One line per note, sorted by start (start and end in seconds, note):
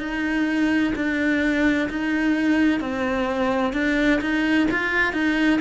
0.00 0.94 D#4
0.96 1.90 D4
1.90 2.81 D#4
2.81 3.74 C4
3.74 4.21 D4
4.21 4.68 D#4
4.71 5.13 F4
5.13 5.60 D#4